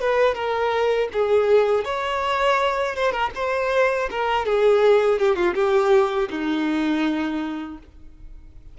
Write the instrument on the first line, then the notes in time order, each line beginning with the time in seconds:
violin
0.00 B4
0.34 A#4
1.12 G#4
1.85 C#5
2.95 C5
3.11 A#4
3.35 C5
4.10 A#4
4.45 G#4
5.19 G4
5.35 F4
5.55 G4
6.30 D#4